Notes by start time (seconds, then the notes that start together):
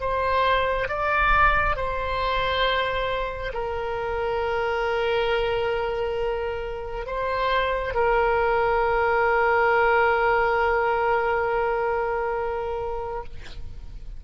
0.00 C5
0.88 D5
1.76 C5
3.53 A#4
7.06 C5
7.94 A#4